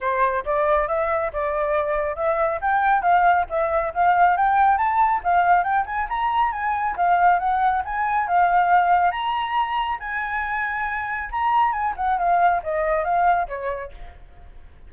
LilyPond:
\new Staff \with { instrumentName = "flute" } { \time 4/4 \tempo 4 = 138 c''4 d''4 e''4 d''4~ | d''4 e''4 g''4 f''4 | e''4 f''4 g''4 a''4 | f''4 g''8 gis''8 ais''4 gis''4 |
f''4 fis''4 gis''4 f''4~ | f''4 ais''2 gis''4~ | gis''2 ais''4 gis''8 fis''8 | f''4 dis''4 f''4 cis''4 | }